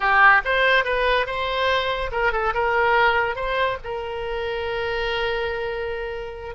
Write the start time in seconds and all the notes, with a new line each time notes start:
0.00 G4
0.44 C5
0.84 B4
1.26 C5
2.11 A#4
2.32 A4
2.54 A#4
3.35 C5
3.83 A#4